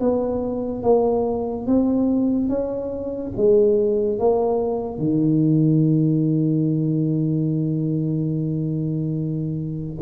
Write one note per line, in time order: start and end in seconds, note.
0.00 0.83 B3
0.83 1.66 A#3
1.66 2.49 C4
2.49 3.32 C#4
3.36 4.18 G#3
4.18 4.98 A#3
4.98 9.98 D#3